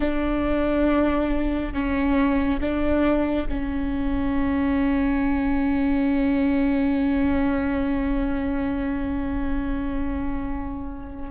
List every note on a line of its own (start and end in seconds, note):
0.00 1.73 D4
1.73 2.60 C#4
2.60 3.47 D4
3.48 11.30 C#4